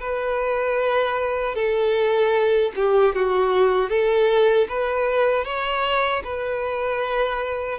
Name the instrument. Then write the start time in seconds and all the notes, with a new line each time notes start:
violin
0.00 B4
1.55 A4
2.76 G4
3.15 F#4
3.90 A4
4.69 B4
5.45 C#5
6.24 B4